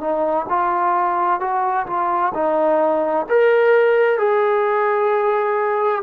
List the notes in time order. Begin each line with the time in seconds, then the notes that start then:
0.00 D#4
0.49 F4
1.40 F#4
1.86 F4
2.34 D#4
3.29 A#4
4.18 G#4